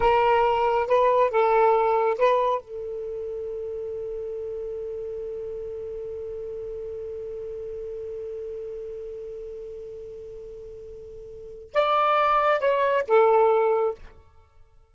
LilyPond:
\new Staff \with { instrumentName = "saxophone" } { \time 4/4 \tempo 4 = 138 ais'2 b'4 a'4~ | a'4 b'4 a'2~ | a'1~ | a'1~ |
a'1~ | a'1~ | a'2. d''4~ | d''4 cis''4 a'2 | }